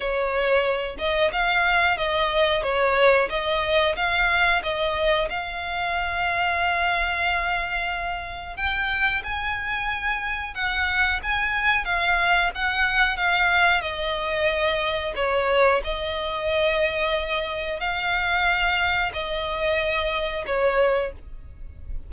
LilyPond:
\new Staff \with { instrumentName = "violin" } { \time 4/4 \tempo 4 = 91 cis''4. dis''8 f''4 dis''4 | cis''4 dis''4 f''4 dis''4 | f''1~ | f''4 g''4 gis''2 |
fis''4 gis''4 f''4 fis''4 | f''4 dis''2 cis''4 | dis''2. f''4~ | f''4 dis''2 cis''4 | }